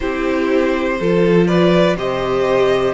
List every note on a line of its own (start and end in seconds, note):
0.00 1.00 C4
0.00 0.99 E4
0.00 0.99 G4
0.00 1.47 C5
1.00 1.96 F3
1.00 1.97 F4
1.00 1.47 A4
1.47 1.97 B4
1.47 1.96 D5
1.96 2.94 C3
1.96 2.94 G4
1.96 2.94 C5
1.96 2.94 D#5